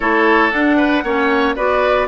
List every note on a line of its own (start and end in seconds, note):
0.00 0.52 A3
0.00 0.51 E4
0.00 0.77 A4
0.00 0.51 C#5
0.51 1.03 D4
0.51 1.55 F#5
0.77 1.03 B4
1.03 1.56 A#3
1.03 1.56 C#4
1.03 1.55 C#5
1.55 2.08 B3
1.55 2.08 F#4
1.55 2.07 B4
1.55 2.08 D5